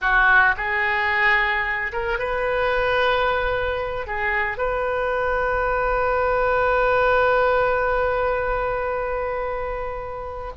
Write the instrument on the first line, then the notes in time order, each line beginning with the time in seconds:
oboe
0.01 F#4
0.56 G#4
1.92 A#4
2.19 B4
4.06 G#4
4.57 B4